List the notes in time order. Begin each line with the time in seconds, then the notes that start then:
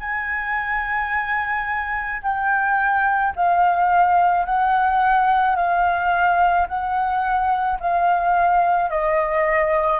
0.00 G#5
2.23 G5
3.36 F5
4.45 F#5
5.56 F5
6.68 F#5
7.80 F5
8.90 D#5